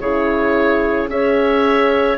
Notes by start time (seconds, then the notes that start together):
0.00 C#3 E4 G#4 C#5
1.08 C#4 G#4 C#5 E5